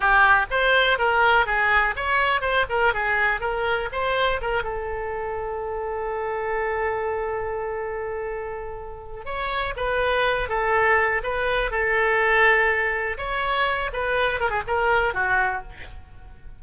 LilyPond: \new Staff \with { instrumentName = "oboe" } { \time 4/4 \tempo 4 = 123 g'4 c''4 ais'4 gis'4 | cis''4 c''8 ais'8 gis'4 ais'4 | c''4 ais'8 a'2~ a'8~ | a'1~ |
a'2. cis''4 | b'4. a'4. b'4 | a'2. cis''4~ | cis''8 b'4 ais'16 gis'16 ais'4 fis'4 | }